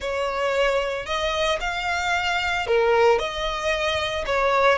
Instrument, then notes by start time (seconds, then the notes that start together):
violin
0.00 C#5
1.05 D#5
1.60 F5
2.66 A#4
3.18 D#5
4.26 C#5